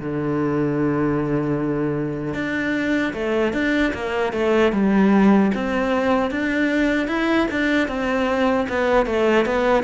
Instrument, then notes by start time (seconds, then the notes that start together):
cello
0.00 D3
2.34 D4
3.14 A3
3.53 D4
3.94 A#3
4.33 A3
4.73 G3
5.55 C4
6.31 D4
7.08 E4
7.51 D4
7.88 C4
8.69 B3
9.06 A3
9.46 B3